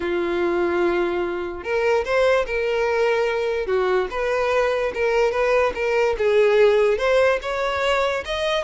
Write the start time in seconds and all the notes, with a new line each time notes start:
0.00 F4
1.63 A#4
2.04 C5
2.46 A#4
3.66 F#4
4.10 B4
4.94 A#4
5.31 B4
5.74 A#4
6.18 G#4
6.98 C5
7.42 C#5
8.25 D#5